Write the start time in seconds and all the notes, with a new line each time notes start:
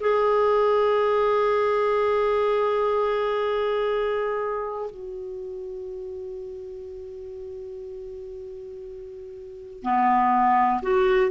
0.00 G#4
4.90 F#4
9.82 B3
10.82 F#4